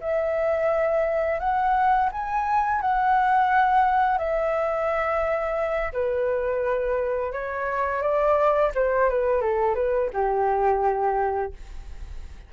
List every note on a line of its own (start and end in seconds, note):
0.00 1.39 E5
1.39 2.09 F#5
2.12 2.81 G#5
2.81 4.17 F#5
4.17 5.92 E5
5.92 7.32 B4
7.32 8.01 C#5
8.01 8.71 D5
8.75 9.09 C5
9.09 9.41 B4
9.41 9.75 A4
9.75 10.09 B4
10.13 11.52 G4